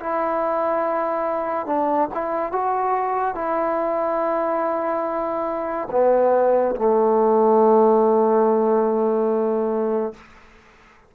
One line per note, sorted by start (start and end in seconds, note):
0.00 1.66 E4
1.66 2.09 D4
2.14 2.52 E4
2.52 3.35 F#4
3.35 5.88 E4
5.91 6.75 B3
6.75 10.13 A3